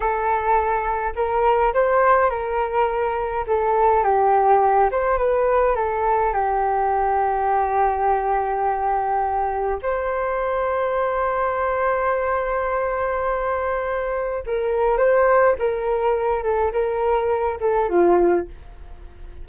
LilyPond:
\new Staff \with { instrumentName = "flute" } { \time 4/4 \tempo 4 = 104 a'2 ais'4 c''4 | ais'2 a'4 g'4~ | g'8 c''8 b'4 a'4 g'4~ | g'1~ |
g'4 c''2.~ | c''1~ | c''4 ais'4 c''4 ais'4~ | ais'8 a'8 ais'4. a'8 f'4 | }